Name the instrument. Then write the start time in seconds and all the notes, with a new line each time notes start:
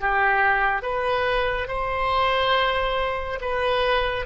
oboe
0.00 G4
0.82 B4
1.68 C5
3.41 B4